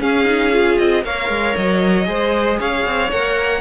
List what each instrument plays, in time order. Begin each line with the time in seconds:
0.00 cello C#4, viola C#4, violin G#4 F5
0.25 viola D#4
0.52 viola F4
0.78 cello C4, violin D#5
1.04 cello A#3, viola A#4, violin C#5 F5
1.29 cello G#3
1.57 cello F#3, violin D#5
2.05 cello G#3, viola G#4, violin C5
2.59 cello C#4, violin C#5 F5
2.86 cello C4
3.11 cello A#3, viola A#4, violin F#5